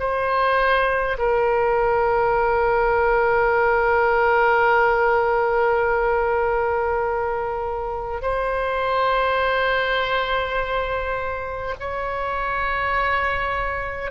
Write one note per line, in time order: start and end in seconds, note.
0.00 1.18 C5
1.19 8.22 A#4
8.22 11.75 C5
11.80 14.12 C#5